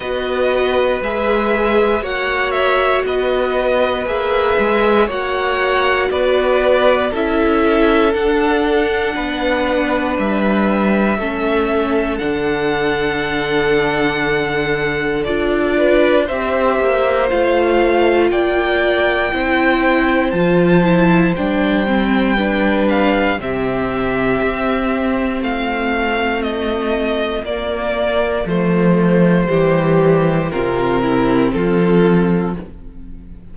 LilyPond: <<
  \new Staff \with { instrumentName = "violin" } { \time 4/4 \tempo 4 = 59 dis''4 e''4 fis''8 e''8 dis''4 | e''4 fis''4 d''4 e''4 | fis''2 e''2 | fis''2. d''4 |
e''4 f''4 g''2 | a''4 g''4. f''8 e''4~ | e''4 f''4 dis''4 d''4 | c''2 ais'4 a'4 | }
  \new Staff \with { instrumentName = "violin" } { \time 4/4 b'2 cis''4 b'4~ | b'4 cis''4 b'4 a'4~ | a'4 b'2 a'4~ | a'2.~ a'8 b'8 |
c''2 d''4 c''4~ | c''2 b'4 g'4~ | g'4 f'2.~ | f'4 g'4 f'8 e'8 f'4 | }
  \new Staff \with { instrumentName = "viola" } { \time 4/4 fis'4 gis'4 fis'2 | gis'4 fis'2 e'4 | d'2. cis'4 | d'2. f'4 |
g'4 f'2 e'4 | f'8 e'8 d'8 c'8 d'4 c'4~ | c'2. ais4 | a4 g4 c'2 | }
  \new Staff \with { instrumentName = "cello" } { \time 4/4 b4 gis4 ais4 b4 | ais8 gis8 ais4 b4 cis'4 | d'4 b4 g4 a4 | d2. d'4 |
c'8 ais8 a4 ais4 c'4 | f4 g2 c4 | c'4 a2 ais4 | f4 e4 c4 f4 | }
>>